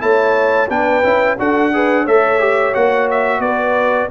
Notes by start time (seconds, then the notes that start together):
0.00 A3 E4 C#5 A5
0.68 B3 D4 B4 G5
1.04 C#4 E4
1.39 D4 F#4 A4 F#5
1.73 G#4 B4
2.04 A3 A4 C#5 E5
2.40 G4
2.73 A#3 F#4 F#5
3.11 E5
3.39 B3 B4 D5